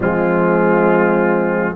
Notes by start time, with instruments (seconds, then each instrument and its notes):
0.00 tuba F3, trombone G#3, horn C4, trumpet F4